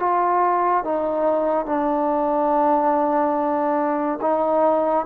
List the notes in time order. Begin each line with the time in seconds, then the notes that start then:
0.00 F4
0.85 D#4
1.66 D4
4.22 D#4